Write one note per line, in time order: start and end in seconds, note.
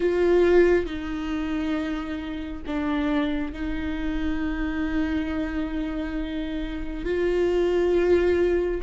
0.00 0.86 F4
0.86 2.62 D#4
2.66 3.53 D4
3.53 7.04 D#4
7.04 8.81 F4